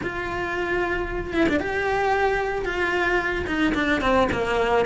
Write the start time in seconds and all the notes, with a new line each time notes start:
0.03 F4
1.33 E4
1.49 D4
1.60 G4
2.65 F4
3.47 D#4
3.74 D4
4.01 C4
4.31 A#3